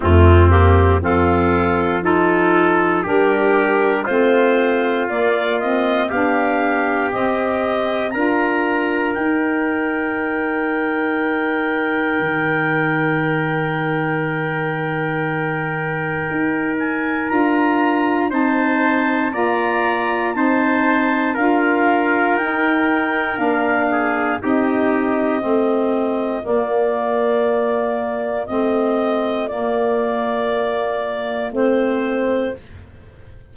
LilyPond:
<<
  \new Staff \with { instrumentName = "clarinet" } { \time 4/4 \tempo 4 = 59 f'8 g'8 a'4 f'4 ais'4 | c''4 d''8 dis''8 f''4 dis''4 | ais''4 g''2.~ | g''1~ |
g''8 gis''8 ais''4 a''4 ais''4 | a''4 f''4 g''4 f''4 | dis''2 d''2 | dis''4 d''2 c''4 | }
  \new Staff \with { instrumentName = "trumpet" } { \time 4/4 c'4 f'4 a'4 g'4 | f'2 g'2 | ais'1~ | ais'1~ |
ais'2 c''4 d''4 | c''4 ais'2~ ais'8 gis'8 | g'4 f'2.~ | f'1 | }
  \new Staff \with { instrumentName = "saxophone" } { \time 4/4 a8 ais8 c'4 dis'4 d'4 | c'4 ais8 c'8 d'4 c'4 | f'4 dis'2.~ | dis'1~ |
dis'4 f'4 dis'4 f'4 | dis'4 f'4 dis'4 d'4 | dis'4 c'4 ais2 | c'4 ais2 c'4 | }
  \new Staff \with { instrumentName = "tuba" } { \time 4/4 f,4 f2 g4 | a4 ais4 b4 c'4 | d'4 dis'2. | dis1 |
dis'4 d'4 c'4 ais4 | c'4 d'4 dis'4 ais4 | c'4 a4 ais2 | a4 ais2 a4 | }
>>